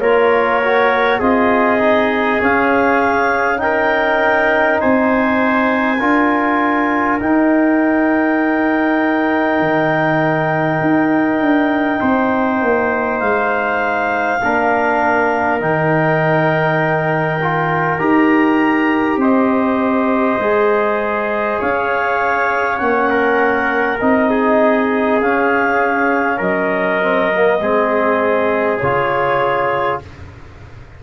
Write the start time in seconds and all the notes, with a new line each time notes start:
0.00 A#3 F4 A#4 C#5
0.64 F#4
1.20 C4 F4 G#4 D#5
1.79 D#4
2.40 C#4 F5
3.58 D#4 A#4 G5
4.80 C4 C5 G#5
6.00 D4 F4 A#4
7.20 D#4 G5
9.60 D#3
10.81 D#4
11.40 D4
12.01 C4 C5
12.62 A#3
13.20 G#3 F5
14.43 A#3 D4 A#4
15.60 D#3 D#4 G5
17.42 F4
17.99 D#4 G4 A#5
19.17 C4 C5 D#5
20.39 G#3 G#4
21.59 C#4 C#5 F5
22.78 A#3 C#4 F#5
23.11 A#4
24.01 C4 D#4 D#5
24.30 G#4
25.21 C#4 F5
26.38 F#3 A#4 D#5
27.03 C4
27.35 A#3
27.60 G#3 C4 G#4
28.79 C#3 F4 C#5